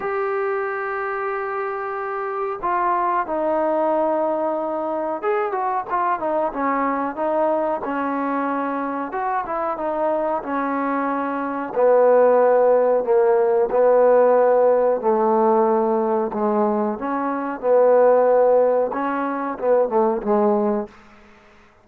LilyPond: \new Staff \with { instrumentName = "trombone" } { \time 4/4 \tempo 4 = 92 g'1 | f'4 dis'2. | gis'8 fis'8 f'8 dis'8 cis'4 dis'4 | cis'2 fis'8 e'8 dis'4 |
cis'2 b2 | ais4 b2 a4~ | a4 gis4 cis'4 b4~ | b4 cis'4 b8 a8 gis4 | }